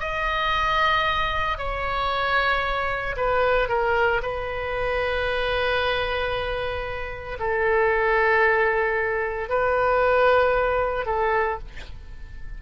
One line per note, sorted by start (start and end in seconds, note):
0.00 1.58 D#5
1.58 3.16 C#5
3.17 3.69 B4
3.69 4.22 A#4
4.23 7.39 B4
7.40 9.50 A4
9.50 11.06 B4
11.06 11.59 A4